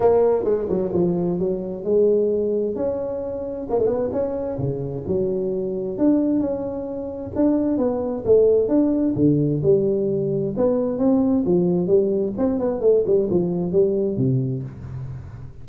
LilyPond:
\new Staff \with { instrumentName = "tuba" } { \time 4/4 \tempo 4 = 131 ais4 gis8 fis8 f4 fis4 | gis2 cis'2 | ais16 a16 b8 cis'4 cis4 fis4~ | fis4 d'4 cis'2 |
d'4 b4 a4 d'4 | d4 g2 b4 | c'4 f4 g4 c'8 b8 | a8 g8 f4 g4 c4 | }